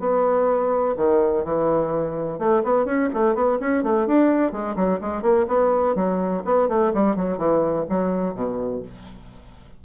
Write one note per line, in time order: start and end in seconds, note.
0.00 0.95 B3
0.97 1.45 D#3
1.45 2.39 E3
2.39 2.63 A3
2.64 2.85 B3
2.85 3.09 C#4
3.14 3.35 A3
3.35 3.59 B3
3.61 3.84 C#4
3.84 4.07 A3
4.07 4.52 D4
4.52 4.76 G#3
4.76 5.00 F#3
5.02 5.23 G#3
5.23 5.46 A#3
5.48 5.95 B3
5.95 6.43 F#3
6.45 6.69 B3
6.69 6.93 A3
6.94 7.17 G3
7.17 7.38 F#3
7.38 7.86 E3
7.90 8.35 F#3
8.35 8.83 B2